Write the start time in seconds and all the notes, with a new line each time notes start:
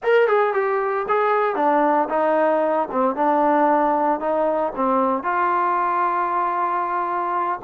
0.03 A#4
0.27 G#4
0.53 G4
1.08 G#4
1.55 D4
2.09 D#4
2.91 C4
3.15 D4
4.20 D#4
4.75 C4
5.23 F4